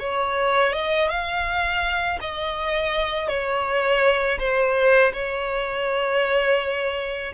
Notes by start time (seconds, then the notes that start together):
0.00 C#5
0.73 D#5
1.09 F5
2.21 D#5
3.29 C#5
4.40 C5
5.14 C#5